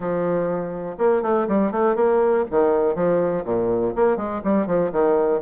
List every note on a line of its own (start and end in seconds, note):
0.00 0.96 F3
0.97 1.22 A#3
1.22 1.47 A3
1.48 1.71 G3
1.71 1.95 A3
1.95 2.45 A#3
2.51 2.95 D#3
2.95 3.44 F3
3.44 3.94 A#2
3.95 4.16 A#3
4.16 4.41 G#3
4.44 4.66 G3
4.66 4.91 F3
4.92 5.41 D#3